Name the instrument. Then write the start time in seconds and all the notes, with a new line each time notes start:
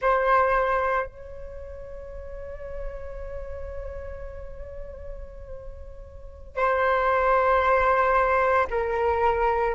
flute
0.01 C5
1.06 C#5
6.56 C5
8.70 A#4